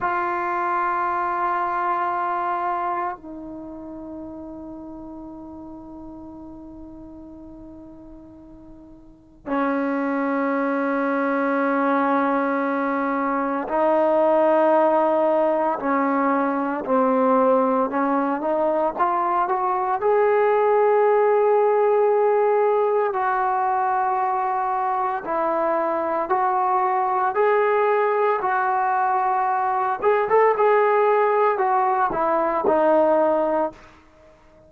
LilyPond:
\new Staff \with { instrumentName = "trombone" } { \time 4/4 \tempo 4 = 57 f'2. dis'4~ | dis'1~ | dis'4 cis'2.~ | cis'4 dis'2 cis'4 |
c'4 cis'8 dis'8 f'8 fis'8 gis'4~ | gis'2 fis'2 | e'4 fis'4 gis'4 fis'4~ | fis'8 gis'16 a'16 gis'4 fis'8 e'8 dis'4 | }